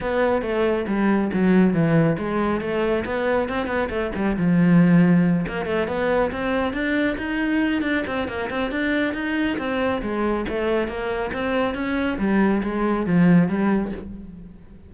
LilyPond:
\new Staff \with { instrumentName = "cello" } { \time 4/4 \tempo 4 = 138 b4 a4 g4 fis4 | e4 gis4 a4 b4 | c'8 b8 a8 g8 f2~ | f8 ais8 a8 b4 c'4 d'8~ |
d'8 dis'4. d'8 c'8 ais8 c'8 | d'4 dis'4 c'4 gis4 | a4 ais4 c'4 cis'4 | g4 gis4 f4 g4 | }